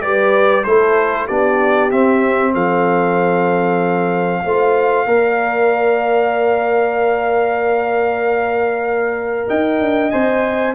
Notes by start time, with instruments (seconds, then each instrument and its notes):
0.00 tuba G3, trombone G4, horn B4, trumpet D5
0.64 tuba A3, trombone E4, horn A4, trumpet C5
1.26 tuba B3, trombone D4, horn G4, trumpet D5
1.91 trombone C4, tuba C4, trumpet E5
2.54 tuba F3, horn A4, trumpet F5
4.44 tuba A3, trombone F4, horn C5
5.05 tuba A#3, trombone A#4, horn D5
9.47 tuba D#4, horn D#5, trumpet G5
9.80 tuba D4
10.11 tuba C4, trombone C5, trumpet G#5